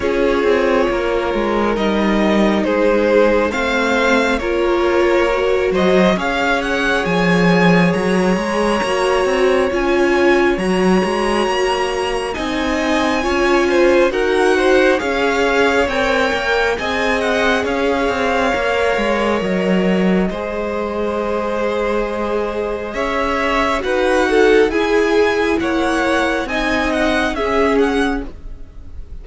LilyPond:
<<
  \new Staff \with { instrumentName = "violin" } { \time 4/4 \tempo 4 = 68 cis''2 dis''4 c''4 | f''4 cis''4. dis''8 f''8 fis''8 | gis''4 ais''2 gis''4 | ais''2 gis''2 |
fis''4 f''4 g''4 gis''8 fis''8 | f''2 dis''2~ | dis''2 e''4 fis''4 | gis''4 fis''4 gis''8 fis''8 e''8 fis''8 | }
  \new Staff \with { instrumentName = "violin" } { \time 4/4 gis'4 ais'2 gis'4 | c''4 ais'4. c''8 cis''4~ | cis''1~ | cis''2 dis''4 cis''8 c''8 |
ais'8 c''8 cis''2 dis''4 | cis''2. c''4~ | c''2 cis''4 b'8 a'8 | gis'4 cis''4 dis''4 gis'4 | }
  \new Staff \with { instrumentName = "viola" } { \time 4/4 f'2 dis'2 | c'4 f'4 fis'4 gis'4~ | gis'2 fis'4 f'4 | fis'2 dis'4 f'4 |
fis'4 gis'4 ais'4 gis'4~ | gis'4 ais'2 gis'4~ | gis'2. fis'4 | e'2 dis'4 cis'4 | }
  \new Staff \with { instrumentName = "cello" } { \time 4/4 cis'8 c'8 ais8 gis8 g4 gis4 | a4 ais4. fis8 cis'4 | f4 fis8 gis8 ais8 c'8 cis'4 | fis8 gis8 ais4 c'4 cis'4 |
dis'4 cis'4 c'8 ais8 c'4 | cis'8 c'8 ais8 gis8 fis4 gis4~ | gis2 cis'4 dis'4 | e'4 ais4 c'4 cis'4 | }
>>